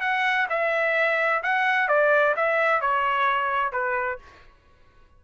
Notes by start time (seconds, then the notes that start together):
0.00 F#5
0.49 E5
1.42 F#5
1.88 D5
2.36 E5
2.81 C#5
3.72 B4